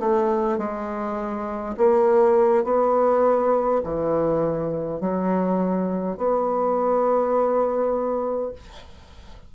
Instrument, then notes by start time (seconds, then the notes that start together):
bassoon
0.00 A3
0.58 G#3
1.78 A#3
2.65 B3
3.84 E3
5.01 F#3
6.18 B3